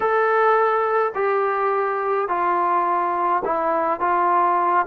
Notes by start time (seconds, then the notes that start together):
0.00 A4
1.14 G4
2.28 F4
3.44 E4
4.00 F4